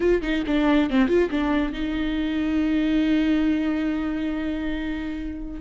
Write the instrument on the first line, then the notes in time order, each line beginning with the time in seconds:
viola
0.00 F4
0.22 D#4
0.46 D4
0.89 C4
1.08 F4
1.30 D4
1.72 D#4